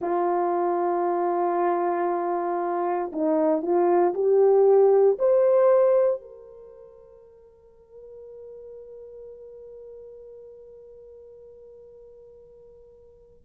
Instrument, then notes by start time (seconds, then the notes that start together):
horn
0.01 F4
3.12 D#4
3.62 F4
4.14 G4
5.19 C5
6.21 A#4